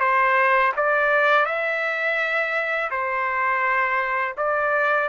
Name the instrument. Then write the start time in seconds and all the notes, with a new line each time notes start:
trumpet
0.00 C5
0.76 D5
1.46 E5
2.91 C5
4.37 D5